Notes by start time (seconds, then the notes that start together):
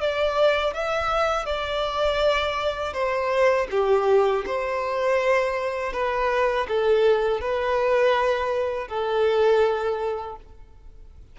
0.00 D5
0.73 E5
1.45 D5
2.93 C5
3.70 G4
4.46 C5
5.92 B4
6.68 A4
7.40 B4
8.88 A4